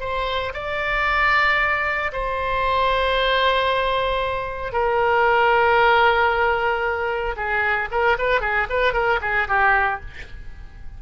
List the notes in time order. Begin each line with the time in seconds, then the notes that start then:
0.00 C5
0.54 D5
2.12 C5
4.72 A#4
7.36 G#4
7.91 A#4
8.18 B4
8.41 G#4
8.69 B4
8.93 A#4
9.21 G#4
9.48 G4